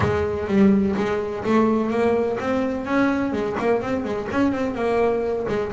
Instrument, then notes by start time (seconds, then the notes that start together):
double bass
0.00 G#3
0.47 G3
0.96 G#3
1.44 A3
1.90 A#3
2.39 C4
2.85 C#4
3.32 G#3
3.59 A#3
3.81 C4
4.04 G#3
4.31 C#4
4.52 C4
4.74 A#3
5.48 G#3